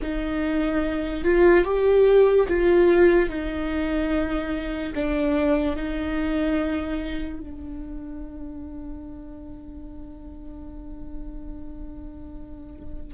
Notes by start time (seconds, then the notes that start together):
0.01 D#4
1.24 F4
1.64 G4
2.48 F4
3.29 D#4
4.94 D4
5.76 D#4
7.40 D4